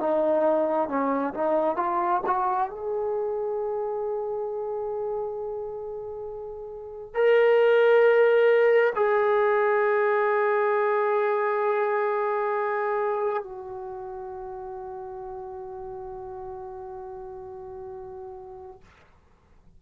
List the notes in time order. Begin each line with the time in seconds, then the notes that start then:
0.00 D#4
0.89 C#4
1.35 D#4
1.77 F4
2.27 F#4
2.70 G#4
7.15 A#4
8.96 G#4
13.44 F#4